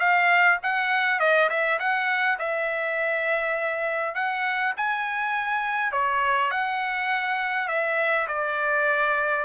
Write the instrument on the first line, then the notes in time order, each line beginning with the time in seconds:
trumpet
0.00 F5
0.63 F#5
1.20 D#5
1.50 E5
1.79 F#5
2.39 E5
4.15 F#5
4.77 G#5
5.92 C#5
6.51 F#5
7.68 E5
8.28 D5